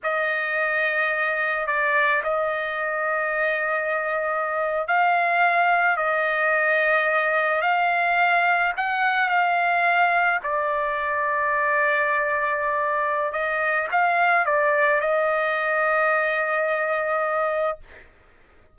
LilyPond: \new Staff \with { instrumentName = "trumpet" } { \time 4/4 \tempo 4 = 108 dis''2. d''4 | dis''1~ | dis''8. f''2 dis''4~ dis''16~ | dis''4.~ dis''16 f''2 fis''16~ |
fis''8. f''2 d''4~ d''16~ | d''1 | dis''4 f''4 d''4 dis''4~ | dis''1 | }